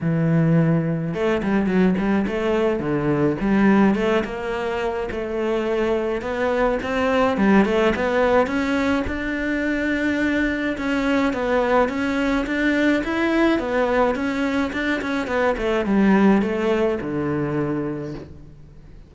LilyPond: \new Staff \with { instrumentName = "cello" } { \time 4/4 \tempo 4 = 106 e2 a8 g8 fis8 g8 | a4 d4 g4 a8 ais8~ | ais4 a2 b4 | c'4 g8 a8 b4 cis'4 |
d'2. cis'4 | b4 cis'4 d'4 e'4 | b4 cis'4 d'8 cis'8 b8 a8 | g4 a4 d2 | }